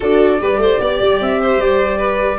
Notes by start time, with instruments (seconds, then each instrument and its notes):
0.00 tuba D4, viola F#4, violin A4, flute D5
0.40 tuba G3, viola G4, violin B4
0.57 tuba A3, violin C5
0.80 tuba B3, violin D5
1.00 tuba G3
1.20 tuba C4, flute E5
1.42 violin C5
1.57 tuba G3, flute D5
1.97 violin B4